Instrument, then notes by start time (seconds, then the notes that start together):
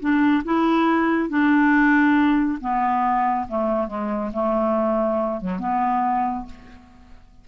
clarinet
0.00 D4
0.45 E4
1.29 D4
2.61 B3
3.48 A3
3.88 G#3
4.33 A3
5.41 F#3
5.59 B3